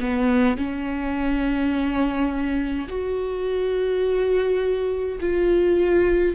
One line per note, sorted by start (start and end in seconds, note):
0.00 0.57 B3
0.57 2.88 C#4
2.88 5.19 F#4
5.20 6.35 F4